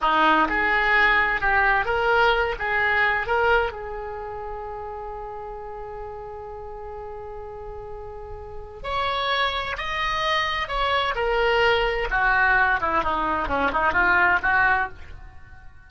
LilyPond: \new Staff \with { instrumentName = "oboe" } { \time 4/4 \tempo 4 = 129 dis'4 gis'2 g'4 | ais'4. gis'4. ais'4 | gis'1~ | gis'1~ |
gis'2. cis''4~ | cis''4 dis''2 cis''4 | ais'2 fis'4. e'8 | dis'4 cis'8 dis'8 f'4 fis'4 | }